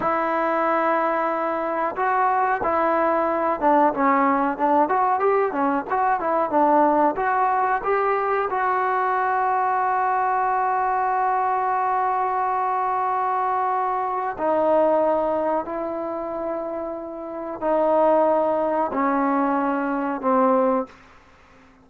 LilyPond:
\new Staff \with { instrumentName = "trombone" } { \time 4/4 \tempo 4 = 92 e'2. fis'4 | e'4. d'8 cis'4 d'8 fis'8 | g'8 cis'8 fis'8 e'8 d'4 fis'4 | g'4 fis'2.~ |
fis'1~ | fis'2 dis'2 | e'2. dis'4~ | dis'4 cis'2 c'4 | }